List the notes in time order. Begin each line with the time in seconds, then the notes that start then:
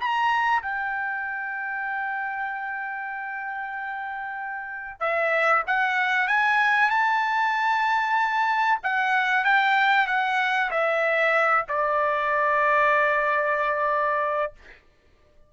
0.00 A#5
0.62 G5
5.00 E5
5.67 F#5
6.28 G#5
6.90 A5
8.83 F#5
9.44 G5
10.07 F#5
10.71 E5
11.68 D5